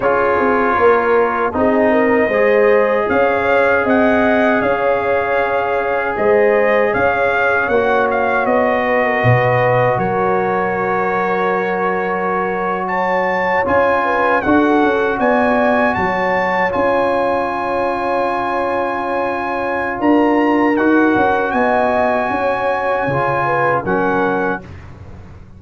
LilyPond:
<<
  \new Staff \with { instrumentName = "trumpet" } { \time 4/4 \tempo 4 = 78 cis''2 dis''2 | f''4 fis''4 f''2 | dis''4 f''4 fis''8 f''8 dis''4~ | dis''4 cis''2.~ |
cis''8. a''4 gis''4 fis''4 gis''16~ | gis''8. a''4 gis''2~ gis''16~ | gis''2 ais''4 fis''4 | gis''2. fis''4 | }
  \new Staff \with { instrumentName = "horn" } { \time 4/4 gis'4 ais'4 gis'8 ais'8 c''4 | cis''4 dis''4 cis''2 | c''4 cis''2~ cis''8 b'16 ais'16 | b'4 ais'2.~ |
ais'8. cis''4. b'8 a'4 d''16~ | d''8. cis''2.~ cis''16~ | cis''2 ais'2 | dis''4 cis''4. b'8 ais'4 | }
  \new Staff \with { instrumentName = "trombone" } { \time 4/4 f'2 dis'4 gis'4~ | gis'1~ | gis'2 fis'2~ | fis'1~ |
fis'4.~ fis'16 f'4 fis'4~ fis'16~ | fis'4.~ fis'16 f'2~ f'16~ | f'2. fis'4~ | fis'2 f'4 cis'4 | }
  \new Staff \with { instrumentName = "tuba" } { \time 4/4 cis'8 c'8 ais4 c'4 gis4 | cis'4 c'4 cis'2 | gis4 cis'4 ais4 b4 | b,4 fis2.~ |
fis4.~ fis16 cis'4 d'8 cis'8 b16~ | b8. fis4 cis'2~ cis'16~ | cis'2 d'4 dis'8 cis'8 | b4 cis'4 cis4 fis4 | }
>>